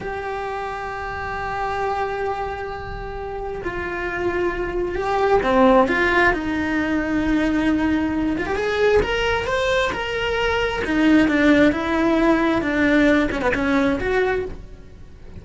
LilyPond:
\new Staff \with { instrumentName = "cello" } { \time 4/4 \tempo 4 = 133 g'1~ | g'1 | f'2. g'4 | c'4 f'4 dis'2~ |
dis'2~ dis'8 f'16 g'16 gis'4 | ais'4 c''4 ais'2 | dis'4 d'4 e'2 | d'4. cis'16 b16 cis'4 fis'4 | }